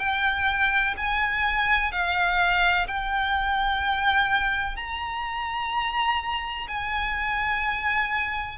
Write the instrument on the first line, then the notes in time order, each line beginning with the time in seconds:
violin
0.00 G5
0.97 G#5
1.92 F5
2.88 G5
4.77 A#5
6.68 G#5